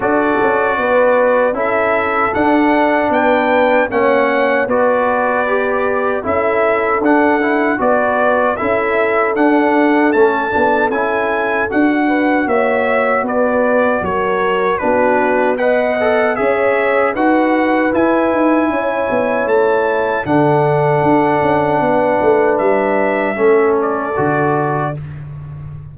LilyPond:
<<
  \new Staff \with { instrumentName = "trumpet" } { \time 4/4 \tempo 4 = 77 d''2 e''4 fis''4 | g''4 fis''4 d''2 | e''4 fis''4 d''4 e''4 | fis''4 a''4 gis''4 fis''4 |
e''4 d''4 cis''4 b'4 | fis''4 e''4 fis''4 gis''4~ | gis''4 a''4 fis''2~ | fis''4 e''4. d''4. | }
  \new Staff \with { instrumentName = "horn" } { \time 4/4 a'4 b'4 a'2 | b'4 cis''4 b'2 | a'2 b'4 a'4~ | a'2.~ a'8 b'8 |
cis''4 b'4 ais'4 fis'4 | dis''4 cis''4 b'2 | cis''2 a'2 | b'2 a'2 | }
  \new Staff \with { instrumentName = "trombone" } { \time 4/4 fis'2 e'4 d'4~ | d'4 cis'4 fis'4 g'4 | e'4 d'8 e'8 fis'4 e'4 | d'4 cis'8 d'8 e'4 fis'4~ |
fis'2. d'4 | b'8 a'8 gis'4 fis'4 e'4~ | e'2 d'2~ | d'2 cis'4 fis'4 | }
  \new Staff \with { instrumentName = "tuba" } { \time 4/4 d'8 cis'8 b4 cis'4 d'4 | b4 ais4 b2 | cis'4 d'4 b4 cis'4 | d'4 a8 b8 cis'4 d'4 |
ais4 b4 fis4 b4~ | b4 cis'4 dis'4 e'8 dis'8 | cis'8 b8 a4 d4 d'8 cis'8 | b8 a8 g4 a4 d4 | }
>>